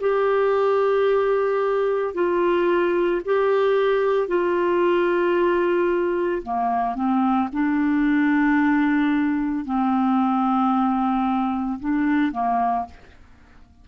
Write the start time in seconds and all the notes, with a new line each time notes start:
0.00 G4
2.14 F4
3.25 G4
4.28 F4
6.42 A#3
6.94 C4
7.52 D4
9.65 C4
11.80 D4
12.32 A#3